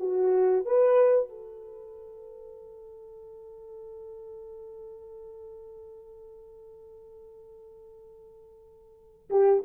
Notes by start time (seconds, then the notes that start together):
0.00 F#4
0.66 B4
1.30 A4
9.31 G4